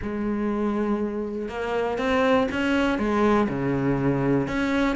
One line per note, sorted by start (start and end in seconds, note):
0.02 1.49 G#3
1.49 1.97 A#3
1.97 2.47 C4
2.51 2.98 C#4
2.98 3.48 G#3
3.48 4.47 C#3
4.47 4.96 C#4